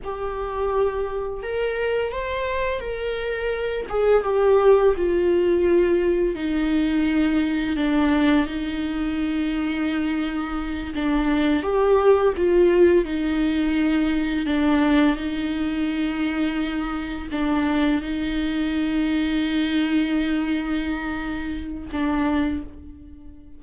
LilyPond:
\new Staff \with { instrumentName = "viola" } { \time 4/4 \tempo 4 = 85 g'2 ais'4 c''4 | ais'4. gis'8 g'4 f'4~ | f'4 dis'2 d'4 | dis'2.~ dis'8 d'8~ |
d'8 g'4 f'4 dis'4.~ | dis'8 d'4 dis'2~ dis'8~ | dis'8 d'4 dis'2~ dis'8~ | dis'2. d'4 | }